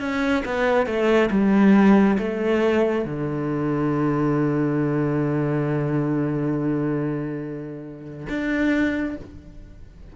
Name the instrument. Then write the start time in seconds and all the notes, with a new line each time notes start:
cello
0.00 C#4
0.45 B3
0.86 A3
1.31 G3
2.19 A3
3.06 D3
8.29 D4